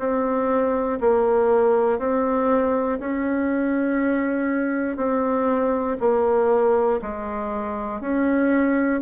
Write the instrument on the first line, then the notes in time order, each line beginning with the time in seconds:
bassoon
0.00 C4
1.01 A#3
2.00 C4
3.00 C#4
4.97 C4
6.00 A#3
7.02 G#3
8.01 C#4